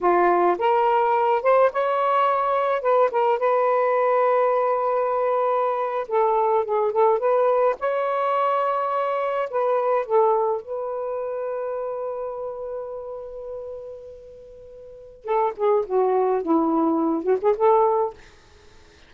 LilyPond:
\new Staff \with { instrumentName = "saxophone" } { \time 4/4 \tempo 4 = 106 f'4 ais'4. c''8 cis''4~ | cis''4 b'8 ais'8 b'2~ | b'2~ b'8. a'4 gis'16~ | gis'16 a'8 b'4 cis''2~ cis''16~ |
cis''8. b'4 a'4 b'4~ b'16~ | b'1~ | b'2. a'8 gis'8 | fis'4 e'4. fis'16 gis'16 a'4 | }